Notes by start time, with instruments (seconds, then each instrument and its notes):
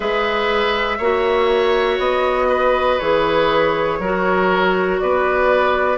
0.00 bassoon G#3, clarinet G#4, oboe B4, flute E5
0.98 bassoon A#3, clarinet F#4, oboe C#5
1.99 bassoon B3, flute D#5
2.48 oboe B4
2.99 bassoon E3, clarinet G#4, flute C#5
3.99 bassoon F#3, clarinet F#4, oboe A#4
4.99 bassoon B3, oboe B4, flute D5